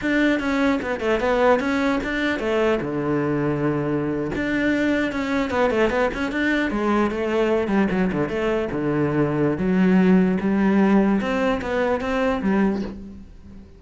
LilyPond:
\new Staff \with { instrumentName = "cello" } { \time 4/4 \tempo 4 = 150 d'4 cis'4 b8 a8 b4 | cis'4 d'4 a4 d4~ | d2~ d8. d'4~ d'16~ | d'8. cis'4 b8 a8 b8 cis'8 d'16~ |
d'8. gis4 a4. g8 fis16~ | fis16 d8 a4 d2~ d16 | fis2 g2 | c'4 b4 c'4 g4 | }